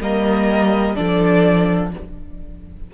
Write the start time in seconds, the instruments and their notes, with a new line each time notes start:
0.00 cello G3, viola A#3, violin A#4 D#5
0.95 cello F3, viola D4, violin A4 D5